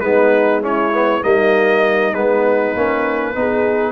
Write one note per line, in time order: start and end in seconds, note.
0.00 1.22 G#3
0.00 0.62 B3
0.00 0.62 D#4
0.00 0.61 B4
0.62 0.92 C#4
0.62 1.22 E4
0.62 1.23 C#5
0.94 1.22 B3
1.22 2.14 G3
1.22 2.13 A#3
1.22 3.36 D#4
1.22 2.14 D#5
2.14 2.74 G#3
2.14 2.76 B3
2.14 3.92 B4
2.75 3.35 A#3
2.75 3.35 C#4
3.35 3.92 B3
3.35 3.92 D#4
3.35 3.92 G#4